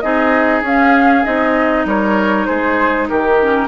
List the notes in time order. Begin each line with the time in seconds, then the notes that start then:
0.00 C4 D#4 G#4 D#5
0.61 C#4 F5
1.24 C4 D#4 D#5
1.85 G3 A#4 C#5
2.45 G#3 G#4 C5
3.08 D#3 G4 A#4
3.41 C#4